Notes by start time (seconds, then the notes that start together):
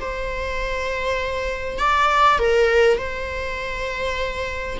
0.00 C5
1.79 D5
2.38 A#4
2.98 C5